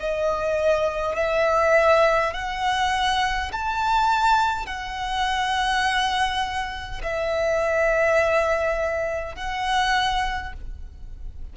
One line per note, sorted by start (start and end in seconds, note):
0.00 1.16 D#5
1.16 2.33 E5
2.34 3.51 F#5
3.52 4.66 A5
4.66 7.02 F#5
7.03 9.35 E5
9.35 10.53 F#5